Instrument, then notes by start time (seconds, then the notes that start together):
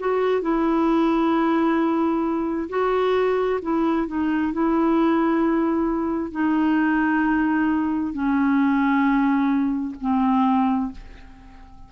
clarinet
0.00 F#4
0.42 E4
2.70 F#4
3.63 E4
4.08 D#4
4.53 E4
6.32 D#4
8.14 C#4
10.01 C4